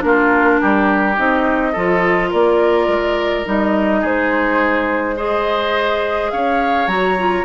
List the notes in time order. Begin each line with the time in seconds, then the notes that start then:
0.00 A#3 D4 F4 A#4
0.60 G3 G4
1.16 C4 D#4 D#5
1.72 F3 F4 A4
2.30 A#3 A#4 D5
2.87 G#3
3.45 G3 D#4 D#5
4.00 G#3 G#4 C5
5.16 G#4 C5 D#5
6.30 C#4 C#5 F5
6.87 F#3 F#4 A#5
7.18 F4